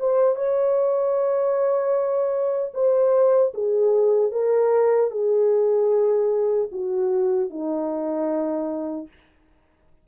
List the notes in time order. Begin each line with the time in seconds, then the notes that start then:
0.00 C5
0.36 C#5
2.75 C5
3.55 G#4
4.32 A#4
5.11 G#4
6.72 F#4
7.50 D#4